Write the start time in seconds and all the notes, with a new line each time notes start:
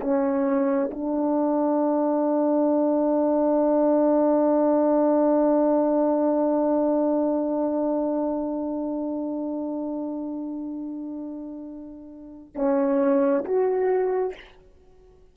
0.00 C#4
0.90 D4
12.55 C#4
13.44 F#4